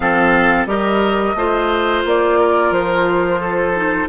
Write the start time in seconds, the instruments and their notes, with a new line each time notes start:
0.00 bassoon F3, clarinet C4, oboe A4, flute F5
0.66 bassoon G3, clarinet G4, oboe A#4, flute D#5
1.35 bassoon A3, clarinet F4, oboe C5
2.05 bassoon A#3, flute D5
2.39 oboe A#4
2.71 bassoon F3, flute C5
3.40 oboe A4
3.76 clarinet D#4